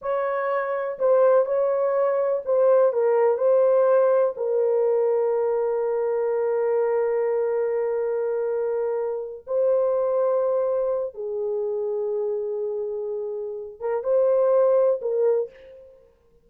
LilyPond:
\new Staff \with { instrumentName = "horn" } { \time 4/4 \tempo 4 = 124 cis''2 c''4 cis''4~ | cis''4 c''4 ais'4 c''4~ | c''4 ais'2.~ | ais'1~ |
ais'2.~ ais'8 c''8~ | c''2. gis'4~ | gis'1~ | gis'8 ais'8 c''2 ais'4 | }